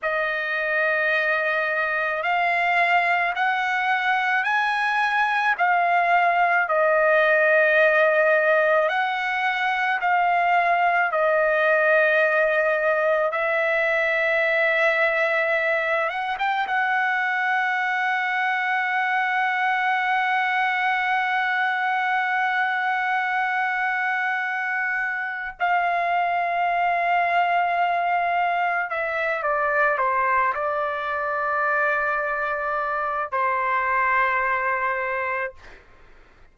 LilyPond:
\new Staff \with { instrumentName = "trumpet" } { \time 4/4 \tempo 4 = 54 dis''2 f''4 fis''4 | gis''4 f''4 dis''2 | fis''4 f''4 dis''2 | e''2~ e''8 fis''16 g''16 fis''4~ |
fis''1~ | fis''2. f''4~ | f''2 e''8 d''8 c''8 d''8~ | d''2 c''2 | }